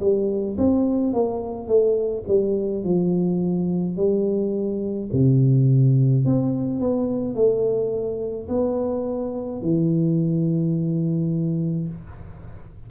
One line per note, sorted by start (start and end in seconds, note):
0.00 0.57 G3
0.57 1.13 C4
1.13 1.67 A#3
1.67 2.24 A3
2.27 2.84 G3
2.84 3.96 F3
3.96 5.09 G3
5.12 6.25 C3
6.25 6.80 C4
6.80 7.34 B3
7.34 8.48 A3
8.48 9.61 B3
9.61 11.88 E3